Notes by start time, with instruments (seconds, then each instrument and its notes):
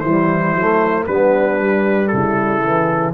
0.00 tuba E3, trombone G3, horn E4, trumpet C5
0.54 tuba F#3, trombone A3
1.06 tuba G3, trombone B3, horn D4, trumpet B4
1.58 trombone G3
2.07 tuba C#3, horn E4, trumpet A4
2.64 trombone E3